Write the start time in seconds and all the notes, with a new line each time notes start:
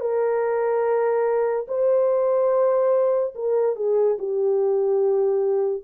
0.00 A#4
1.68 C5
3.35 A#4
3.76 G#4
4.19 G4